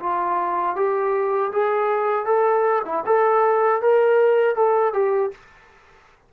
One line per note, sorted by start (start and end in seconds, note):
0.00 0.76 F4
0.76 1.52 G4
1.53 2.25 G#4
2.25 2.82 A4
2.85 3.04 E4
3.06 3.82 A4
3.82 4.56 A#4
4.56 4.94 A4
4.94 5.32 G4